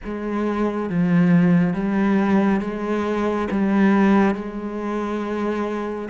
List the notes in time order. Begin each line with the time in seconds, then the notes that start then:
0.04 G#3
0.89 F3
1.74 G3
2.60 G#3
3.50 G3
4.34 G#3